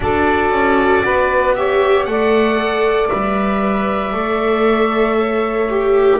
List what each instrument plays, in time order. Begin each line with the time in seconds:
0.00 double bass D4, viola F#4, saxophone A4, oboe D5
0.50 double bass C#4
1.03 double bass B3, saxophone B4
1.54 viola G4, saxophone C#5, oboe E5
2.04 double bass A3, viola A4, saxophone D5, oboe F#5
3.08 double bass G3, viola B4, oboe E5
4.13 double bass A3, viola A4
5.17 saxophone C#5
5.69 viola G4